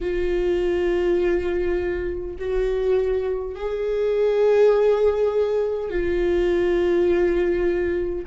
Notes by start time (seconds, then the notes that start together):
0.01 F4
2.39 F#4
3.55 G#4
5.90 F4